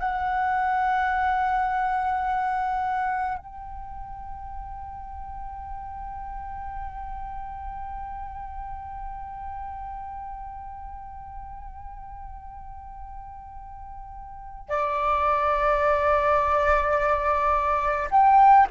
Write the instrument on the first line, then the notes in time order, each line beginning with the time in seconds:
flute
0.00 F#5
3.39 G5
14.70 D5
18.11 G5